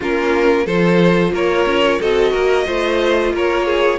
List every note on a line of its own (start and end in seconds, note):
0.00 0.66 A#3
0.00 0.67 C#4
0.00 0.65 F4
0.00 0.66 A#4
0.65 1.32 F3
0.65 2.00 F4
0.65 1.32 A4
0.65 1.32 C5
1.32 1.65 A#3
1.32 1.99 A#4
1.32 2.01 C#5
1.65 1.99 C#4
1.99 2.34 C4
1.99 2.66 F#4
1.99 2.31 A4
1.99 3.35 D#5
2.31 2.67 A#3
2.31 2.64 A#4
2.66 3.32 A3
2.66 3.99 F4
2.66 3.32 C5
3.32 3.99 A#3
3.32 3.66 A#4
3.32 3.99 C#5
3.66 3.99 G#4